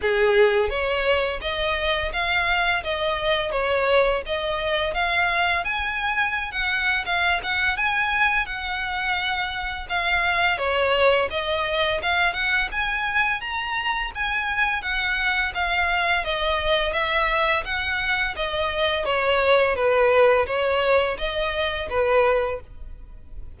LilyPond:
\new Staff \with { instrumentName = "violin" } { \time 4/4 \tempo 4 = 85 gis'4 cis''4 dis''4 f''4 | dis''4 cis''4 dis''4 f''4 | gis''4~ gis''16 fis''8. f''8 fis''8 gis''4 | fis''2 f''4 cis''4 |
dis''4 f''8 fis''8 gis''4 ais''4 | gis''4 fis''4 f''4 dis''4 | e''4 fis''4 dis''4 cis''4 | b'4 cis''4 dis''4 b'4 | }